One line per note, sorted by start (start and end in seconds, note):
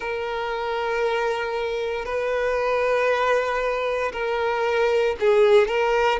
0.00 2.05 A#4
2.05 4.11 B4
4.12 5.15 A#4
5.20 5.67 G#4
5.67 6.19 A#4